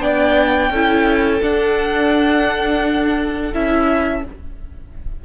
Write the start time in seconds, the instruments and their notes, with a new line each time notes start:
0.00 cello B3, viola D4, violin D5 G5
0.71 cello C#4, viola E4, violin A4
1.42 viola D4, cello D4, violin F#5
3.53 cello C#4, viola E4, violin E5